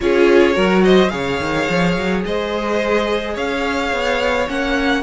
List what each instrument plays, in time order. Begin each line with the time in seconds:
0.00 cello C#4, viola F4, violin G#4 C#5
0.53 cello F#3, viola F#4, violin A#4
0.83 violin C5 D#5
1.09 cello C#3, viola G#4, violin C#5 F5
1.40 cello D#3
1.69 cello F3
1.96 cello F#3
2.25 cello G#3, violin C5 D#5
3.34 cello C#4, violin C#5 F5
3.92 cello B3
4.47 cello A#3, viola C#4, violin F#5